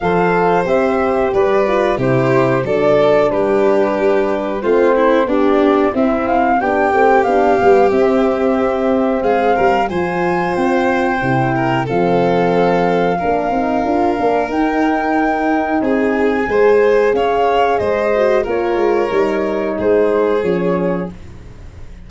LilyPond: <<
  \new Staff \with { instrumentName = "flute" } { \time 4/4 \tempo 4 = 91 f''4 e''4 d''4 c''4 | d''4 b'2 c''4 | d''4 e''8 f''8 g''4 f''4 | e''2 f''4 gis''4 |
g''2 f''2~ | f''2 g''2 | gis''2 f''4 dis''4 | cis''2 c''4 cis''4 | }
  \new Staff \with { instrumentName = "violin" } { \time 4/4 c''2 b'4 g'4 | a'4 g'2 f'8 e'8 | d'4 c'4 g'2~ | g'2 gis'8 ais'8 c''4~ |
c''4. ais'8 a'2 | ais'1 | gis'4 c''4 cis''4 c''4 | ais'2 gis'2 | }
  \new Staff \with { instrumentName = "horn" } { \time 4/4 a'4 g'4. f'8 e'4 | d'2. c'4 | g'4 e'4 d'8 c'8 d'8 b8 | c'2. f'4~ |
f'4 e'4 c'2 | d'8 dis'8 f'8 d'8 dis'2~ | dis'4 gis'2~ gis'8 fis'8 | f'4 dis'2 cis'4 | }
  \new Staff \with { instrumentName = "tuba" } { \time 4/4 f4 c'4 g4 c4 | fis4 g2 a4 | b4 c'4 b8 a8 b8 g8 | c'2 gis8 g8 f4 |
c'4 c4 f2 | ais8 c'8 d'8 ais8 dis'2 | c'4 gis4 cis'4 gis4 | ais8 gis8 g4 gis4 f4 | }
>>